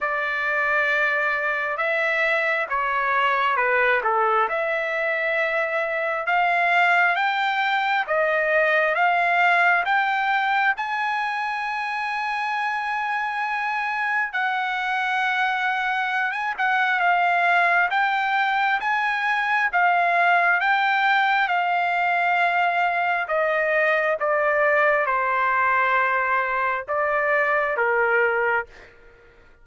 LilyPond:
\new Staff \with { instrumentName = "trumpet" } { \time 4/4 \tempo 4 = 67 d''2 e''4 cis''4 | b'8 a'8 e''2 f''4 | g''4 dis''4 f''4 g''4 | gis''1 |
fis''2~ fis''16 gis''16 fis''8 f''4 | g''4 gis''4 f''4 g''4 | f''2 dis''4 d''4 | c''2 d''4 ais'4 | }